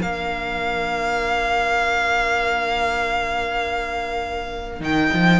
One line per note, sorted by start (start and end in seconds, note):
0.00 4.80 A#3
0.00 4.80 D4
0.00 5.39 A#4
0.00 4.82 F5
4.80 5.10 D#3
4.80 5.39 D#4
4.80 5.39 G5
5.13 5.39 F3